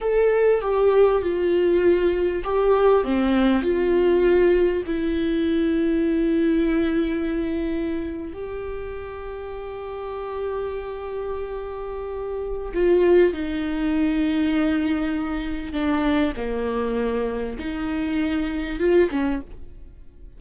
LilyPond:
\new Staff \with { instrumentName = "viola" } { \time 4/4 \tempo 4 = 99 a'4 g'4 f'2 | g'4 c'4 f'2 | e'1~ | e'4.~ e'16 g'2~ g'16~ |
g'1~ | g'4 f'4 dis'2~ | dis'2 d'4 ais4~ | ais4 dis'2 f'8 cis'8 | }